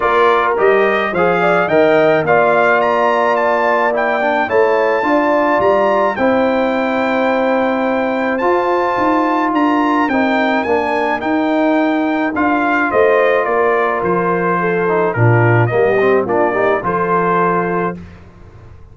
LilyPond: <<
  \new Staff \with { instrumentName = "trumpet" } { \time 4/4 \tempo 4 = 107 d''4 dis''4 f''4 g''4 | f''4 ais''4 a''4 g''4 | a''2 ais''4 g''4~ | g''2. a''4~ |
a''4 ais''4 g''4 gis''4 | g''2 f''4 dis''4 | d''4 c''2 ais'4 | dis''4 d''4 c''2 | }
  \new Staff \with { instrumentName = "horn" } { \time 4/4 ais'2 c''8 d''8 dis''4 | d''1 | cis''4 d''2 c''4~ | c''1~ |
c''4 ais'2.~ | ais'2. c''4 | ais'2 a'4 f'4 | g'4 f'8 g'8 a'2 | }
  \new Staff \with { instrumentName = "trombone" } { \time 4/4 f'4 g'4 gis'4 ais'4 | f'2. e'8 d'8 | e'4 f'2 e'4~ | e'2. f'4~ |
f'2 dis'4 d'4 | dis'2 f'2~ | f'2~ f'8 dis'8 d'4 | ais8 c'8 d'8 dis'8 f'2 | }
  \new Staff \with { instrumentName = "tuba" } { \time 4/4 ais4 g4 f4 dis4 | ais1 | a4 d'4 g4 c'4~ | c'2. f'4 |
dis'4 d'4 c'4 ais4 | dis'2 d'4 a4 | ais4 f2 ais,4 | g4 ais4 f2 | }
>>